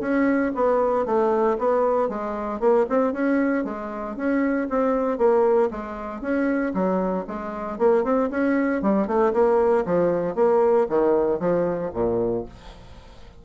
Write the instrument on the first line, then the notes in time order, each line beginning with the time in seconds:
bassoon
0.00 C#4
0.55 B3
1.05 A3
1.58 B3
2.08 G#3
2.60 A#3
2.89 C4
3.12 C#4
3.64 G#3
4.16 C#4
4.69 C4
5.17 A#3
5.70 G#3
6.21 C#4
6.74 F#3
7.27 G#3
7.78 A#3
8.04 C4
8.30 C#4
8.82 G3
9.07 A3
9.33 A#3
9.85 F3
10.35 A#3
10.89 D#3
11.40 F3
11.93 A#2